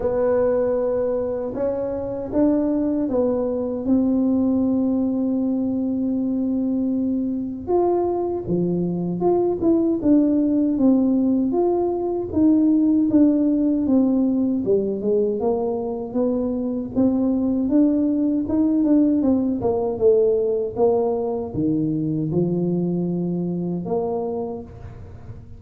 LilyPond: \new Staff \with { instrumentName = "tuba" } { \time 4/4 \tempo 4 = 78 b2 cis'4 d'4 | b4 c'2.~ | c'2 f'4 f4 | f'8 e'8 d'4 c'4 f'4 |
dis'4 d'4 c'4 g8 gis8 | ais4 b4 c'4 d'4 | dis'8 d'8 c'8 ais8 a4 ais4 | dis4 f2 ais4 | }